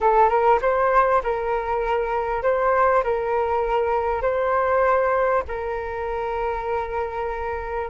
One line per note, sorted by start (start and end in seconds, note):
0.00 0.29 A4
0.29 0.59 A#4
0.61 1.22 C5
1.23 2.42 A#4
2.42 3.03 C5
3.03 4.21 A#4
4.21 5.43 C5
5.47 7.90 A#4